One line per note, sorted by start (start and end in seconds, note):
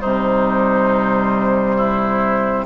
0.00 2.66 C3
0.00 2.66 G3
0.00 1.76 D#4
0.00 2.65 C5
1.76 2.65 E4